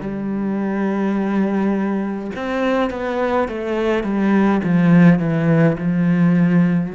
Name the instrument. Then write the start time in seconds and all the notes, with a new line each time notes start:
cello
0.00 G3
2.35 C4
2.90 B3
3.48 A3
4.03 G3
4.63 F3
5.19 E3
5.77 F3